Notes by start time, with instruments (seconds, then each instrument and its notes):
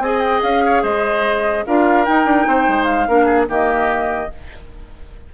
0.00 bassoon C4, clarinet G#4, oboe D#5, flute G#5
0.21 flute G5
0.43 bassoon C#4, flute F5
0.66 oboe C#5
0.83 bassoon G#3, oboe C5, flute D#5
1.66 bassoon D4, clarinet F4, oboe A#4, flute F5
2.06 clarinet D#4, bassoon D#4, flute G5
2.26 bassoon D4
2.48 bassoon C4, oboe C5
2.69 bassoon G#3
2.85 flute F5
3.08 bassoon A#3, clarinet D4, oboe A#4
3.26 oboe G#4
3.48 bassoon D#3, clarinet A#3, oboe G4, flute D#5